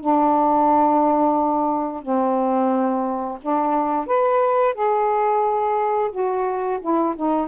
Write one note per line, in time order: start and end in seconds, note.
0.00 2.02 D4
2.02 3.38 C4
3.42 4.06 D4
4.06 4.74 B4
4.74 6.11 G#4
6.11 6.79 F#4
6.81 7.15 E4
7.16 7.47 D#4